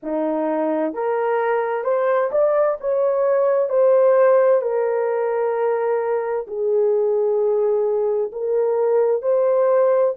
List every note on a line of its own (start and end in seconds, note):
0.03 0.93 D#4
0.93 1.84 A#4
1.84 2.30 C5
2.31 2.77 D5
2.80 3.69 C#5
3.69 4.61 C5
4.62 6.46 A#4
6.47 8.31 G#4
8.32 9.21 A#4
9.21 10.14 C5